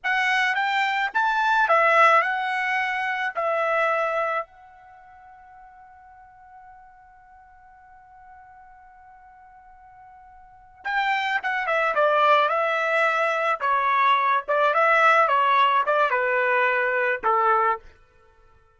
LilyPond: \new Staff \with { instrumentName = "trumpet" } { \time 4/4 \tempo 4 = 108 fis''4 g''4 a''4 e''4 | fis''2 e''2 | fis''1~ | fis''1~ |
fis''2.~ fis''8 g''8~ | g''8 fis''8 e''8 d''4 e''4.~ | e''8 cis''4. d''8 e''4 cis''8~ | cis''8 d''8 b'2 a'4 | }